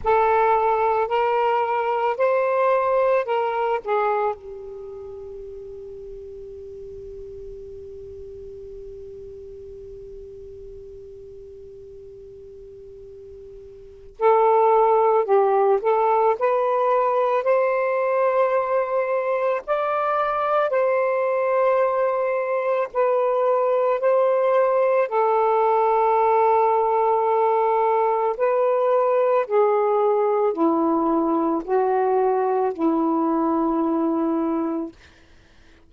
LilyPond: \new Staff \with { instrumentName = "saxophone" } { \time 4/4 \tempo 4 = 55 a'4 ais'4 c''4 ais'8 gis'8 | g'1~ | g'1~ | g'4 a'4 g'8 a'8 b'4 |
c''2 d''4 c''4~ | c''4 b'4 c''4 a'4~ | a'2 b'4 gis'4 | e'4 fis'4 e'2 | }